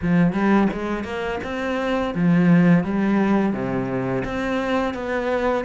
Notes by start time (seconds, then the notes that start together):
0.02 F3
0.32 G3
0.73 G#3
1.04 A#3
1.43 C4
2.14 F3
2.84 G3
3.53 C3
4.24 C4
4.94 B3